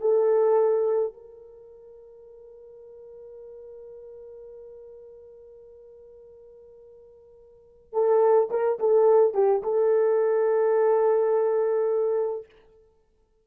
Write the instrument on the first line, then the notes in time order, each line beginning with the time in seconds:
horn
0.00 A4
1.13 A#4
7.92 A4
8.50 A#4
8.79 A4
9.33 G4
9.62 A4